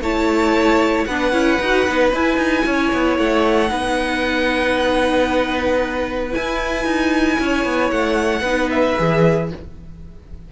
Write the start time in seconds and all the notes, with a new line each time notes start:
0.00 A3 E4 C#5 A5
1.05 B3 D4 B4 F#5
1.32 C#4 E4
1.61 D#4 F#4
1.87 B3 D#4
2.13 E4 G#5
2.37 D#4
2.65 C#4 C#5
2.93 B3
3.18 A3 F#5
3.67 B3 D#4 B4
6.30 E4 G#5
6.36 E4
6.85 D#4
7.40 C#4 C#5
7.65 B3
7.91 A3 F#5
8.41 B3 D#4 B4
8.70 E5
8.98 E3 G#4